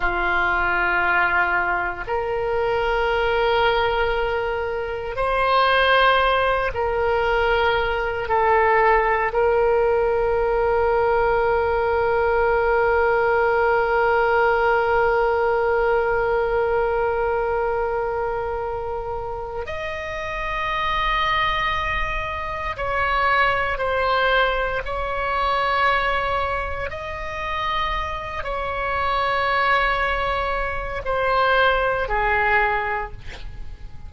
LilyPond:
\new Staff \with { instrumentName = "oboe" } { \time 4/4 \tempo 4 = 58 f'2 ais'2~ | ais'4 c''4. ais'4. | a'4 ais'2.~ | ais'1~ |
ais'2. dis''4~ | dis''2 cis''4 c''4 | cis''2 dis''4. cis''8~ | cis''2 c''4 gis'4 | }